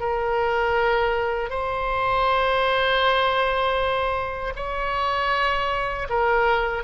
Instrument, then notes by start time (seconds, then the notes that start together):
oboe
0.00 A#4
1.50 C5
4.56 C#5
6.10 A#4